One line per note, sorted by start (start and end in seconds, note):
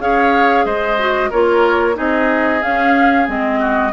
0.00 0.65 C#4
0.00 0.98 G#4
0.00 0.65 C#5
0.00 0.65 F5
0.65 1.31 G#3
0.65 1.30 C5
0.65 1.30 D#5
0.98 1.31 F#4
1.30 1.98 A#3
1.30 1.94 F4
1.30 1.95 A#4
1.30 1.97 C#5
1.94 2.63 C4
1.94 2.60 D#4
1.94 3.60 G#4
1.94 2.62 D#5
2.62 3.28 C#4
2.62 3.27 C#4
2.62 3.28 F5
3.27 3.93 G#3
3.27 3.92 C4
3.27 3.93 D#5
3.60 3.92 F#4